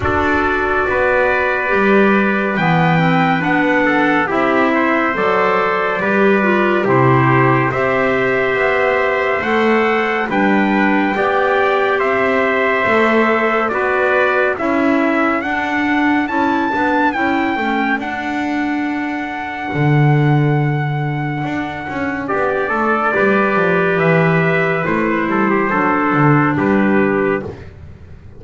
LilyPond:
<<
  \new Staff \with { instrumentName = "trumpet" } { \time 4/4 \tempo 4 = 70 d''2. g''4 | fis''4 e''4 d''2 | c''4 e''2 fis''4 | g''2 e''2 |
d''4 e''4 fis''4 a''4 | g''4 fis''2.~ | fis''2 d''2 | e''4 c''2 b'4 | }
  \new Staff \with { instrumentName = "trumpet" } { \time 4/4 a'4 b'2.~ | b'8 a'8 g'8 c''4. b'4 | g'4 c''2. | b'4 d''4 c''2 |
b'4 a'2.~ | a'1~ | a'2 g'8 a'8 b'4~ | b'4. a'16 g'16 a'4 g'4 | }
  \new Staff \with { instrumentName = "clarinet" } { \time 4/4 fis'2 g'4 b8 c'8 | d'4 e'4 a'4 g'8 f'8 | e'4 g'2 a'4 | d'4 g'2 a'4 |
fis'4 e'4 d'4 e'8 d'8 | e'8 cis'8 d'2.~ | d'2. g'4~ | g'4 e'4 d'2 | }
  \new Staff \with { instrumentName = "double bass" } { \time 4/4 d'4 b4 g4 e4 | b4 c'4 fis4 g4 | c4 c'4 b4 a4 | g4 b4 c'4 a4 |
b4 cis'4 d'4 cis'8 b8 | cis'8 a8 d'2 d4~ | d4 d'8 cis'8 b8 a8 g8 f8 | e4 a8 g8 fis8 d8 g4 | }
>>